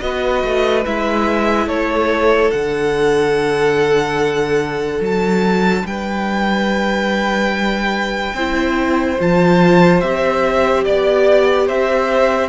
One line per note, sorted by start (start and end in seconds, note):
0.00 0.44 B3
0.00 0.84 F#4
0.00 1.67 B4
0.00 0.83 D#5
0.44 0.86 A3
0.86 1.67 G#3
0.86 2.52 E4
0.86 1.69 E5
1.67 2.50 A3
1.67 5.84 A4
1.67 2.52 C#5
2.52 5.00 D3
2.52 8.35 D4
2.52 5.02 F#5
5.00 5.84 F#3
5.00 5.87 A5
5.84 8.34 G3
5.84 8.35 B4
5.84 9.20 G5
8.34 9.17 C4
8.34 9.20 E4
8.34 10.85 C5
9.20 10.03 F3
9.20 10.03 F4
9.20 10.01 A5
10.01 10.86 C4
10.01 12.50 G4
10.01 10.84 E5
10.85 11.69 B3
10.85 11.68 D5
10.85 11.67 D5
11.67 12.50 C4
11.67 12.50 C5
11.67 12.50 E5